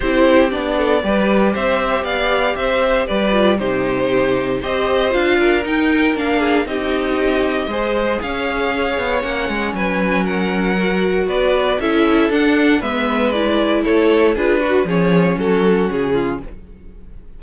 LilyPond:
<<
  \new Staff \with { instrumentName = "violin" } { \time 4/4 \tempo 4 = 117 c''4 d''2 e''4 | f''4 e''4 d''4 c''4~ | c''4 dis''4 f''4 g''4 | f''4 dis''2. |
f''2 fis''4 gis''4 | fis''2 d''4 e''4 | fis''4 e''4 d''4 cis''4 | b'4 cis''4 a'4 gis'4 | }
  \new Staff \with { instrumentName = "violin" } { \time 4/4 g'4. a'8 b'4 c''4 | d''4 c''4 b'4 g'4~ | g'4 c''4. ais'4.~ | ais'8 gis'8 g'2 c''4 |
cis''2. b'4 | ais'2 b'4 a'4~ | a'4 b'2 a'4 | gis'8 fis'8 gis'4 fis'4. f'8 | }
  \new Staff \with { instrumentName = "viola" } { \time 4/4 e'4 d'4 g'2~ | g'2~ g'8 f'8 dis'4~ | dis'4 g'4 f'4 dis'4 | d'4 dis'2 gis'4~ |
gis'2 cis'2~ | cis'4 fis'2 e'4 | d'4 b4 e'2 | f'8 fis'8 cis'2. | }
  \new Staff \with { instrumentName = "cello" } { \time 4/4 c'4 b4 g4 c'4 | b4 c'4 g4 c4~ | c4 c'4 d'4 dis'4 | ais4 c'2 gis4 |
cis'4. b8 ais8 gis8 fis4~ | fis2 b4 cis'4 | d'4 gis2 a4 | d'4 f4 fis4 cis4 | }
>>